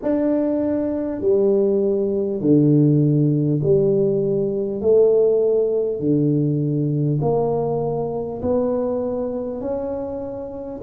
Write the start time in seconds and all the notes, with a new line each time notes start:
0.02 D4
1.21 G3
2.41 D3
3.62 G3
4.81 A3
5.99 D3
7.21 A#3
8.42 B3
9.60 C#4